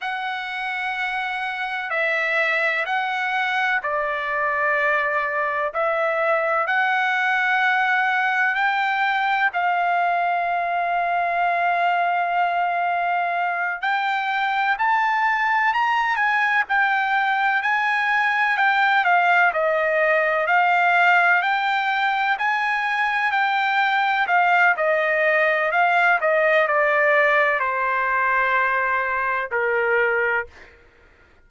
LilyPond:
\new Staff \with { instrumentName = "trumpet" } { \time 4/4 \tempo 4 = 63 fis''2 e''4 fis''4 | d''2 e''4 fis''4~ | fis''4 g''4 f''2~ | f''2~ f''8 g''4 a''8~ |
a''8 ais''8 gis''8 g''4 gis''4 g''8 | f''8 dis''4 f''4 g''4 gis''8~ | gis''8 g''4 f''8 dis''4 f''8 dis''8 | d''4 c''2 ais'4 | }